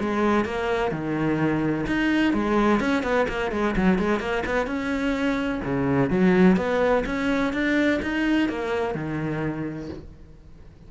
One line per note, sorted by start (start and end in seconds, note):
0.00 0.45 G#3
0.45 0.92 A#3
0.92 1.86 D#3
1.87 2.34 D#4
2.34 2.80 G#3
2.80 3.03 C#4
3.03 3.27 B3
3.28 3.52 A#3
3.52 3.75 G#3
3.76 3.99 F#3
3.99 4.20 G#3
4.20 4.44 A#3
4.46 4.67 B3
4.67 5.61 C#4
5.64 6.11 C#3
6.11 6.57 F#3
6.57 7.04 B3
7.06 7.53 C#4
7.53 8.00 D4
8.02 8.49 D#4
8.49 8.95 A#3
8.95 9.89 D#3